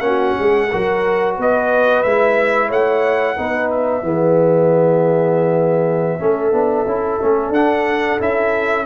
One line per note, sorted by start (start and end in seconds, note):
0.00 0.33 A#3
0.00 0.67 C#4
0.00 0.38 F#4
0.00 1.33 F#5
0.38 0.72 G#3
0.38 0.71 G#4
0.71 1.38 F#3
0.71 2.05 F#4
0.71 1.35 A#4
1.35 2.04 B3
1.35 2.67 B4
1.35 2.02 D#5
2.02 2.70 G#3
2.02 3.37 E4
2.02 2.69 E5
2.67 3.37 A3
2.67 3.34 C#5
2.67 3.70 F#5
3.37 4.02 B3
3.37 4.02 D#4
3.37 4.03 B4
3.70 7.53 E5
4.02 6.19 E3
4.02 6.19 B3
4.02 6.19 G#4
6.19 6.52 A3
6.19 6.52 C#4
6.19 8.85 A4
6.52 6.85 B3
6.52 6.85 D4
6.85 7.19 C#4
6.85 7.20 E4
7.20 7.49 A3
7.20 7.54 C#4
7.49 8.15 D4
7.49 8.20 F#5
7.55 8.19 D4
8.19 8.85 C#4
8.19 8.85 E4
8.19 8.85 E5